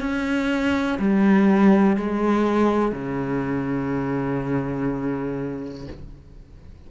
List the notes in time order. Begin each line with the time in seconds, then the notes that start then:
0.00 C#4
0.99 G3
1.97 G#3
2.92 C#3